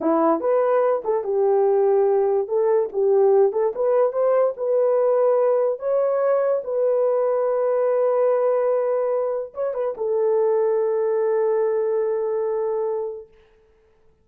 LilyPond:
\new Staff \with { instrumentName = "horn" } { \time 4/4 \tempo 4 = 145 e'4 b'4. a'8 g'4~ | g'2 a'4 g'4~ | g'8 a'8 b'4 c''4 b'4~ | b'2 cis''2 |
b'1~ | b'2. cis''8 b'8 | a'1~ | a'1 | }